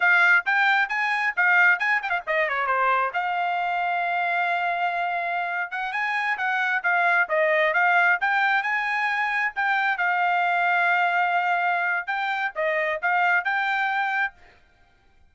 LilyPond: \new Staff \with { instrumentName = "trumpet" } { \time 4/4 \tempo 4 = 134 f''4 g''4 gis''4 f''4 | gis''8 g''16 f''16 dis''8 cis''8 c''4 f''4~ | f''1~ | f''8. fis''8 gis''4 fis''4 f''8.~ |
f''16 dis''4 f''4 g''4 gis''8.~ | gis''4~ gis''16 g''4 f''4.~ f''16~ | f''2. g''4 | dis''4 f''4 g''2 | }